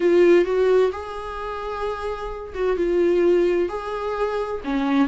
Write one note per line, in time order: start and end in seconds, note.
0.00 0.44 F4
0.44 0.90 F#4
0.91 2.53 G#4
2.54 2.76 F#4
2.76 3.68 F4
3.68 4.61 G#4
4.64 5.07 C#4